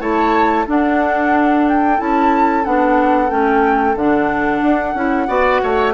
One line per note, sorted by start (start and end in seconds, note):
0.00 0.66 A3
0.00 0.66 E4
0.00 0.66 C#5
0.00 0.67 A5
0.66 1.98 D4
0.66 2.00 D4
0.66 5.28 A4
0.66 1.69 F#5
1.69 2.00 G5
1.98 2.66 C#4
1.98 2.64 E4
1.98 2.65 A5
2.64 3.30 B3
2.64 3.29 D4
2.64 3.30 F#5
3.29 3.95 A3
3.29 3.95 C#4
3.29 3.96 G5
3.95 4.61 D3
3.95 4.96 D4
3.95 5.94 F#5
4.63 4.95 D4
4.95 5.27 C#4
4.95 5.27 E4
5.27 5.61 B3
5.27 5.93 F#4
5.27 5.61 D5
5.63 5.94 A3
5.63 5.94 C#5